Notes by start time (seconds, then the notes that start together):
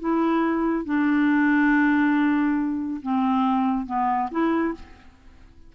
0.00 E4
0.85 D4
3.03 C4
3.86 B3
4.31 E4